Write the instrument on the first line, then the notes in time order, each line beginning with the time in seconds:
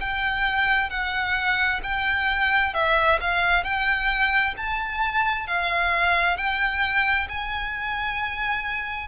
violin
0.00 G5
0.90 F#5
1.83 G5
2.74 E5
3.21 F5
3.64 G5
4.57 A5
5.47 F5
6.37 G5
7.28 G#5